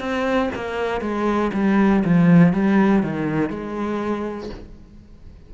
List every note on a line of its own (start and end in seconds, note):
0.00 0.50 C4
0.55 1.01 A#3
1.01 1.51 G#3
1.53 2.03 G3
2.05 2.53 F3
2.53 3.03 G3
3.03 3.50 D#3
3.50 4.50 G#3